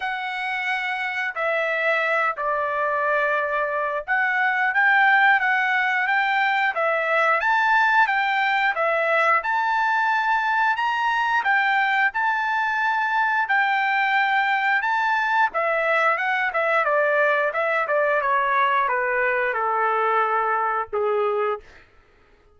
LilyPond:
\new Staff \with { instrumentName = "trumpet" } { \time 4/4 \tempo 4 = 89 fis''2 e''4. d''8~ | d''2 fis''4 g''4 | fis''4 g''4 e''4 a''4 | g''4 e''4 a''2 |
ais''4 g''4 a''2 | g''2 a''4 e''4 | fis''8 e''8 d''4 e''8 d''8 cis''4 | b'4 a'2 gis'4 | }